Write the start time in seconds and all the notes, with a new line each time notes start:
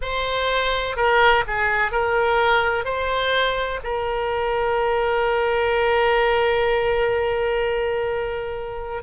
0.01 C5
0.96 A#4
1.47 G#4
1.91 A#4
2.84 C5
3.84 A#4